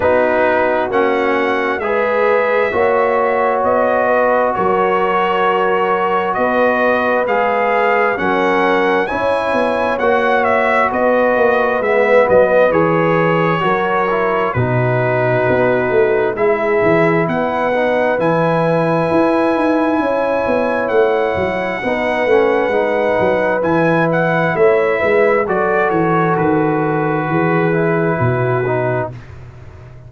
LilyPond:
<<
  \new Staff \with { instrumentName = "trumpet" } { \time 4/4 \tempo 4 = 66 b'4 fis''4 e''2 | dis''4 cis''2 dis''4 | f''4 fis''4 gis''4 fis''8 e''8 | dis''4 e''8 dis''8 cis''2 |
b'2 e''4 fis''4 | gis''2. fis''4~ | fis''2 gis''8 fis''8 e''4 | d''8 cis''8 b'2. | }
  \new Staff \with { instrumentName = "horn" } { \time 4/4 fis'2 b'4 cis''4~ | cis''8 b'8 ais'2 b'4~ | b'4 ais'4 cis''2 | b'2. ais'4 |
fis'2 gis'4 b'4~ | b'2 cis''2 | b'2. cis''8 b'8 | a'2 gis'4 fis'4 | }
  \new Staff \with { instrumentName = "trombone" } { \time 4/4 dis'4 cis'4 gis'4 fis'4~ | fis'1 | gis'4 cis'4 e'4 fis'4~ | fis'4 b4 gis'4 fis'8 e'8 |
dis'2 e'4. dis'8 | e'1 | dis'8 cis'8 dis'4 e'2 | fis'2~ fis'8 e'4 dis'8 | }
  \new Staff \with { instrumentName = "tuba" } { \time 4/4 b4 ais4 gis4 ais4 | b4 fis2 b4 | gis4 fis4 cis'8 b8 ais4 | b8 ais8 gis8 fis8 e4 fis4 |
b,4 b8 a8 gis8 e8 b4 | e4 e'8 dis'8 cis'8 b8 a8 fis8 | b8 a8 gis8 fis8 e4 a8 gis8 | fis8 e8 dis4 e4 b,4 | }
>>